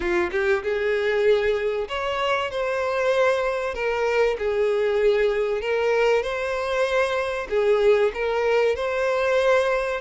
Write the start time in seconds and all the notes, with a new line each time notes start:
0.00 F4
0.31 G4
0.62 G#4
1.88 C#5
2.50 C5
3.74 A#4
4.38 G#4
5.61 A#4
6.22 C5
7.49 G#4
8.13 A#4
8.75 C5